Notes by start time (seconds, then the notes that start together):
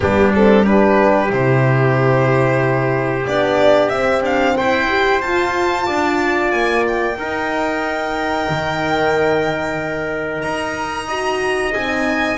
0.00 G3 B3 D4 G4
0.34 C4 A4
0.64 D4 G4 B4
1.30 C3 E4 C5
3.26 B3 D4 D5
3.89 C4 E5
4.21 D4 F5
4.57 E4 C5 G5
4.88 G4
5.21 F4 A5
5.86 D4 D5
6.51 A#3 G#5
6.87 G5
7.17 D#4 A#4
8.49 D#3
10.41 D#4 A#5
11.07 F#4 D#5
11.74 C4 D#4 G#5